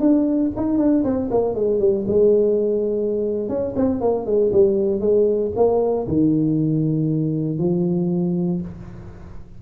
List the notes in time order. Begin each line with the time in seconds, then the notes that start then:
0.00 D4
0.57 D#4
0.78 D4
1.04 C4
1.31 A#3
1.55 G#3
1.79 G3
2.08 G#3
3.49 C#4
3.76 C4
4.01 A#3
4.26 G#3
4.53 G3
5.00 G#3
5.56 A#3
6.08 D#3
7.59 F3